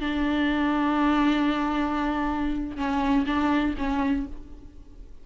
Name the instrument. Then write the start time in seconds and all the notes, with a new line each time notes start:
viola
0.00 D4
2.76 C#4
3.26 D4
3.77 C#4